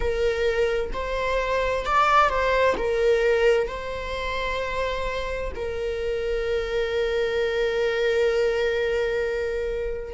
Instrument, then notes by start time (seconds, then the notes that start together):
viola
0.00 A#4
0.93 C5
1.85 D5
2.29 C5
2.77 A#4
3.67 C5
5.55 A#4